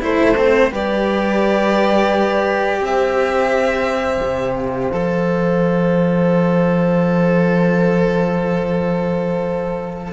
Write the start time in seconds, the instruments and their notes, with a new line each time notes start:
0.00 cello A3 E4, horn A4, violin C5
0.37 cello C4
0.71 cello G3 G4, horn B4, violin D5
2.80 cello C4, horn C5, violin E5
4.22 cello C3
4.55 violin F5
4.93 cello F3 A4